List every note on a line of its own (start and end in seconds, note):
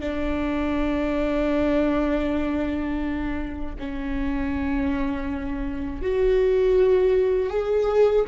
0.00 3.75 D4
3.78 6.01 C#4
6.01 7.50 F#4
7.50 8.25 G#4